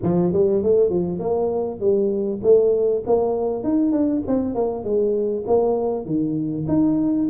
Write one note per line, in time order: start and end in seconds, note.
0.02 0.33 F3
0.33 0.63 G3
0.63 0.89 A3
0.89 1.19 F3
1.19 1.79 A#3
1.79 2.40 G3
2.43 3.03 A3
3.06 3.63 A#3
3.63 3.91 D#4
3.91 4.22 D4
4.27 4.55 C4
4.55 4.83 A#3
4.83 5.44 G#3
5.47 6.05 A#3
6.05 6.66 D#3
6.68 7.28 D#4